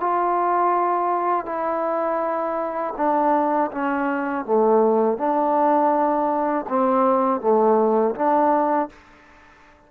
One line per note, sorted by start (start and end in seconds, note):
0.00 1.45 F4
1.45 2.94 E4
2.97 3.71 D4
3.71 4.45 C#4
4.45 5.18 A3
5.18 6.66 D4
6.69 7.40 C4
7.40 8.14 A3
8.15 8.89 D4